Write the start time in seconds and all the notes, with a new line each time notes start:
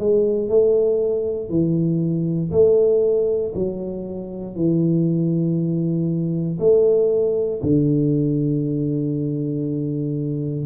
0.00 G#3
0.49 A3
1.50 E3
2.52 A3
3.55 F#3
4.56 E3
6.60 A3
7.63 D3